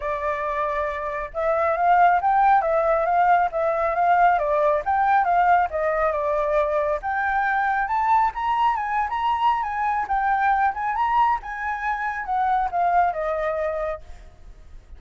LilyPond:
\new Staff \with { instrumentName = "flute" } { \time 4/4 \tempo 4 = 137 d''2. e''4 | f''4 g''4 e''4 f''4 | e''4 f''4 d''4 g''4 | f''4 dis''4 d''2 |
g''2 a''4 ais''4 | gis''8. ais''4~ ais''16 gis''4 g''4~ | g''8 gis''8 ais''4 gis''2 | fis''4 f''4 dis''2 | }